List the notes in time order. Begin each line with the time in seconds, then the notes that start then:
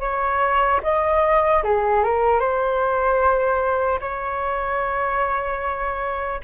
0.00 C#5
0.83 D#5
1.63 G#4
2.03 A#4
2.40 C5
4.00 C#5